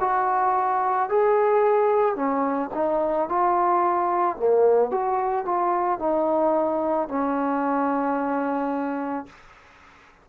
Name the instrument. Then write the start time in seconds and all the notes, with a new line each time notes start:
trombone
0.00 F#4
1.09 G#4
2.15 C#4
2.74 D#4
3.29 F4
4.37 A#3
4.91 F#4
5.45 F4
6.00 D#4
7.08 C#4